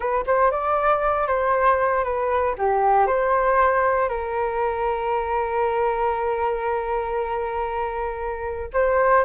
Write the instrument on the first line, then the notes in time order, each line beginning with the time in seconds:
flute
0.00 B4
0.26 C5
0.51 D5
1.27 C5
2.03 B4
2.58 G4
3.06 C5
4.08 A#4
8.73 C5